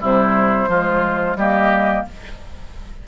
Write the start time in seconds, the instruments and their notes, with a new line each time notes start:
0.00 bassoon C3, clarinet G3, oboe E4, flute C5
0.68 bassoon F3, clarinet G#3, oboe F4
1.36 bassoon G3, clarinet A#3, oboe G4, flute D#5